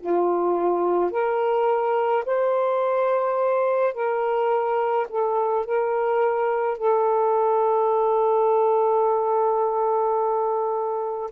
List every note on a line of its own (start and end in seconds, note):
0.00 1.12 F4
1.12 2.25 A#4
2.26 3.94 C5
3.94 5.07 A#4
5.10 5.66 A4
5.66 6.78 A#4
6.78 11.31 A4